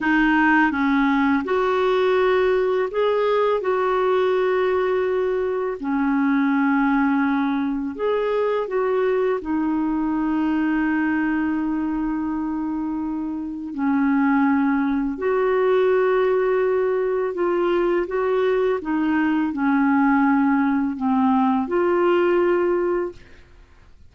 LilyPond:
\new Staff \with { instrumentName = "clarinet" } { \time 4/4 \tempo 4 = 83 dis'4 cis'4 fis'2 | gis'4 fis'2. | cis'2. gis'4 | fis'4 dis'2.~ |
dis'2. cis'4~ | cis'4 fis'2. | f'4 fis'4 dis'4 cis'4~ | cis'4 c'4 f'2 | }